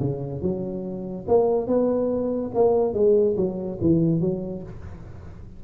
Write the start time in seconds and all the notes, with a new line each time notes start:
0.00 C#3
0.42 F#3
1.28 A#3
1.67 B3
2.55 A#3
2.94 G#3
3.37 F#3
3.81 E3
4.21 F#3